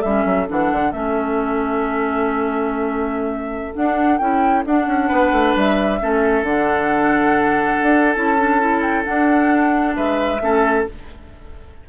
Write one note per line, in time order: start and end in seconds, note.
0.00 0.25 G3
0.00 0.47 C#4
0.00 5.08 A4
0.00 0.47 E5
0.25 0.47 F#3
0.47 0.71 E3
0.47 0.92 D4
0.47 0.91 F#5
0.71 0.93 D3
0.91 3.75 A3
0.91 3.73 C#4
0.91 3.73 E5
3.73 4.19 D4
3.73 4.18 F#5
4.18 4.65 C#4
4.18 4.64 E4
4.18 4.63 G5
4.65 4.87 D4
4.65 6.00 D4
4.65 5.57 F#5
4.87 5.09 C#4
5.08 5.31 B3
5.08 5.98 B4
5.31 5.54 A3
5.55 6.00 G3
5.55 6.44 E5
6.00 6.42 A3
6.00 6.45 C#4
6.00 9.96 A4
6.42 7.77 D3
6.42 8.14 D4
6.42 8.13 F#5
7.82 8.16 D4
8.13 9.06 C#4
8.13 8.37 E4
8.13 8.81 A5
8.37 8.60 D4
8.60 9.04 E4
8.81 9.04 G5
9.04 10.39 D4
9.04 9.97 D4
9.04 9.95 F#5
9.95 10.41 G#3
9.95 10.41 B4
9.95 10.86 E5
10.40 10.86 A3
10.40 10.85 C#4
10.40 10.88 A4